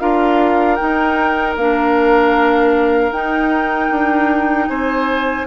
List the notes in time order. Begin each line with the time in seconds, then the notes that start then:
0.00 D4 F4 A#4 F5
0.75 D#4 G5
0.81 D#4
1.56 A#3 D4 F5
3.12 D#4 G5
3.90 D4
4.68 C4 C5 G#5